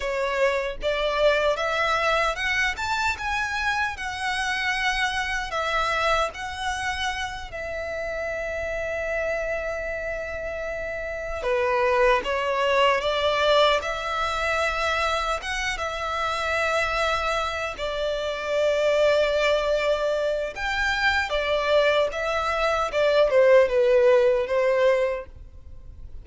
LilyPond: \new Staff \with { instrumentName = "violin" } { \time 4/4 \tempo 4 = 76 cis''4 d''4 e''4 fis''8 a''8 | gis''4 fis''2 e''4 | fis''4. e''2~ e''8~ | e''2~ e''8 b'4 cis''8~ |
cis''8 d''4 e''2 fis''8 | e''2~ e''8 d''4.~ | d''2 g''4 d''4 | e''4 d''8 c''8 b'4 c''4 | }